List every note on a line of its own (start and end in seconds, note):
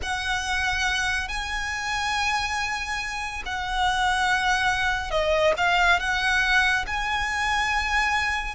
0.02 1.28 F#5
1.28 3.42 G#5
3.45 5.10 F#5
5.10 5.53 D#5
5.57 5.99 F5
5.99 6.85 F#5
6.86 8.55 G#5